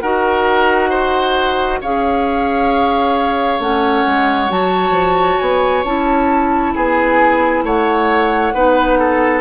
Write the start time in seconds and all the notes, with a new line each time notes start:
0.00 D#4 F#4 A#4 F#5
0.89 C5
1.81 C#4 G#4 C#5 F5
3.59 A3 C#4 F#5
4.06 G#3
4.50 F#3 F#4 A5
4.90 F3
5.38 B3 G#5
5.84 C#4 E4 A5
6.74 B3 G#4 G#5
7.63 A3 C#5 F#5
8.54 B3 D#4 B4
8.99 A4